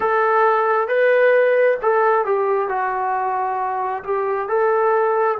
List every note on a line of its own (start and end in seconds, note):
0.00 0.88 A4
0.88 1.77 B4
1.82 2.25 A4
2.25 2.68 G4
2.68 4.03 F#4
4.03 4.48 G4
4.48 5.38 A4